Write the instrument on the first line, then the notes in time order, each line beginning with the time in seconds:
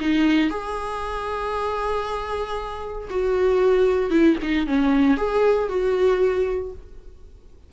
viola
0.00 D#4
0.50 G#4
3.10 F#4
4.10 E4
4.42 D#4
4.67 C#4
5.17 G#4
5.68 F#4